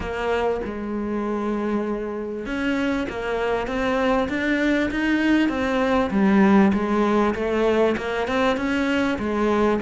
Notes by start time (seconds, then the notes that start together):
0.00 A#3
0.65 G#3
2.45 C#4
3.09 A#3
3.67 C4
4.29 D4
4.90 D#4
5.49 C4
6.10 G3
6.73 G#3
7.34 A3
7.97 A#3
8.27 C4
8.56 C#4
9.18 G#3